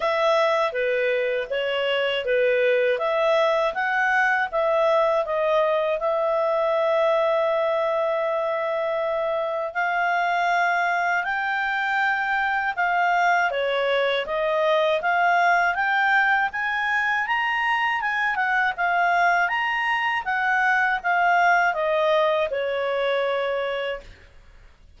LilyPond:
\new Staff \with { instrumentName = "clarinet" } { \time 4/4 \tempo 4 = 80 e''4 b'4 cis''4 b'4 | e''4 fis''4 e''4 dis''4 | e''1~ | e''4 f''2 g''4~ |
g''4 f''4 cis''4 dis''4 | f''4 g''4 gis''4 ais''4 | gis''8 fis''8 f''4 ais''4 fis''4 | f''4 dis''4 cis''2 | }